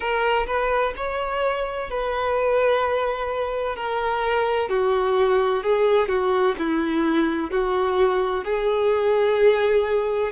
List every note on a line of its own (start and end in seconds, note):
0.00 0.46 A#4
0.46 0.93 B4
0.96 1.90 C#5
1.90 3.75 B4
3.75 4.69 A#4
4.69 5.62 F#4
5.63 6.08 G#4
6.08 6.55 F#4
6.58 7.50 E4
7.50 8.44 F#4
8.44 10.31 G#4